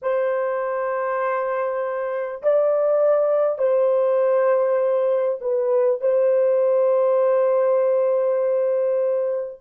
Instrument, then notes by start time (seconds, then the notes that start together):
horn
0.02 C5
2.42 D5
3.58 C5
5.41 B4
6.00 C5